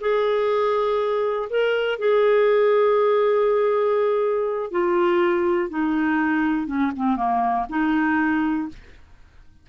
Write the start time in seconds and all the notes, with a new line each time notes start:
0.00 G#4
1.49 A#4
1.99 G#4
4.71 F4
5.69 D#4
6.66 C#4
6.96 C4
7.16 A#3
7.69 D#4